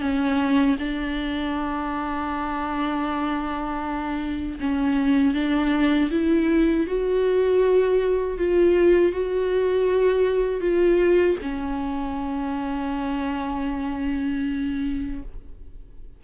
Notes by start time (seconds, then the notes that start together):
0.00 C#4
0.79 D4
4.60 C#4
5.34 D4
6.11 E4
6.87 F#4
8.38 F4
9.12 F#4
10.61 F4
11.42 C#4